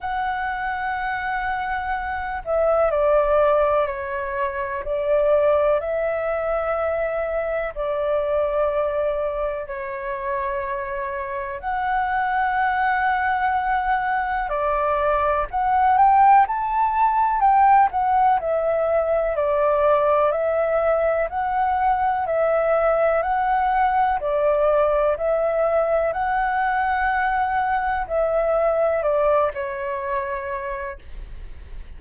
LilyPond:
\new Staff \with { instrumentName = "flute" } { \time 4/4 \tempo 4 = 62 fis''2~ fis''8 e''8 d''4 | cis''4 d''4 e''2 | d''2 cis''2 | fis''2. d''4 |
fis''8 g''8 a''4 g''8 fis''8 e''4 | d''4 e''4 fis''4 e''4 | fis''4 d''4 e''4 fis''4~ | fis''4 e''4 d''8 cis''4. | }